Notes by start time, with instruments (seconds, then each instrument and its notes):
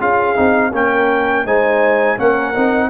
0.00 tuba C#4, trombone F4, horn G#4, trumpet F5
0.36 tuba C4, trombone D#4
0.73 tuba A#3, trombone C#4, horn A#4, trumpet G5
1.45 tuba G#3, trombone D#4, horn C5, trumpet G#5
2.17 tuba A#3, trombone C#4, horn A#4, trumpet F#5
2.55 tuba C4, trombone D#4